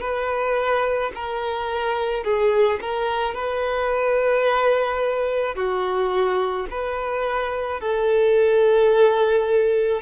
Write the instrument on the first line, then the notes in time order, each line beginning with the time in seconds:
violin
0.00 B4
1.15 A#4
2.24 G#4
2.81 A#4
3.34 B4
5.55 F#4
6.70 B4
7.80 A4